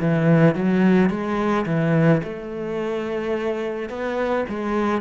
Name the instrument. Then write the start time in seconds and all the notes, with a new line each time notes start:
cello
0.00 E3
0.55 F#3
1.10 G#3
1.66 E3
2.23 A3
3.89 B3
4.49 G#3